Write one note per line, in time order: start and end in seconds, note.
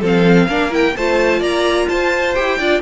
0.00 0.48 F3
0.00 0.49 C4
0.00 0.47 A4
0.06 0.74 F5
0.48 0.95 A#3
0.48 0.70 D4
0.48 0.95 A#4
0.70 0.93 E4
0.70 0.96 G5
0.96 1.41 A3
0.96 2.35 F4
0.96 1.39 C5
0.96 1.42 A5
1.39 1.87 A#3
1.39 1.85 D5
1.39 1.88 A#5
1.88 2.36 F4
1.88 2.58 C5
1.88 2.34 A5
2.34 2.59 E4
2.34 2.58 G4
2.34 2.81 G5
2.58 2.81 D4
2.58 2.81 F4
2.58 2.81 D5